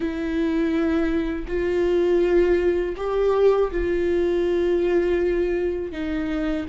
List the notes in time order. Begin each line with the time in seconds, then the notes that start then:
0.00 E4
1.47 F4
2.96 G4
3.71 F4
5.92 D#4